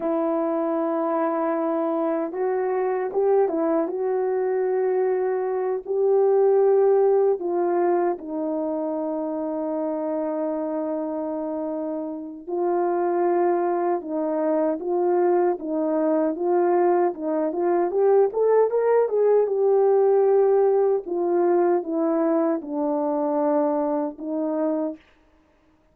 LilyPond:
\new Staff \with { instrumentName = "horn" } { \time 4/4 \tempo 4 = 77 e'2. fis'4 | g'8 e'8 fis'2~ fis'8 g'8~ | g'4. f'4 dis'4.~ | dis'1 |
f'2 dis'4 f'4 | dis'4 f'4 dis'8 f'8 g'8 a'8 | ais'8 gis'8 g'2 f'4 | e'4 d'2 dis'4 | }